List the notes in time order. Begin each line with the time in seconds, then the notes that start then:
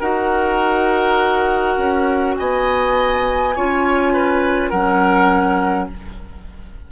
0.00 D#4 F#4 A#4 F#5
1.77 C#4
2.37 B3 D#5 G#5
3.55 C#4 F4 C#5
4.13 B4
4.70 F#3 C#4 A#4 F#5